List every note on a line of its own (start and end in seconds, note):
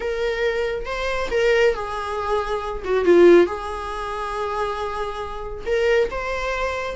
0.00 0.85 A#4
0.85 1.29 C5
1.30 1.74 A#4
1.74 2.83 G#4
2.84 3.04 F#4
3.04 3.46 F4
3.46 5.64 G#4
5.66 6.09 A#4
6.10 6.95 C5